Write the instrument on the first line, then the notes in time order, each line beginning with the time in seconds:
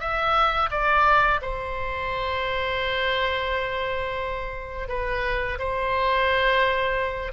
oboe
0.00 E5
0.71 D5
1.42 C5
4.89 B4
5.59 C5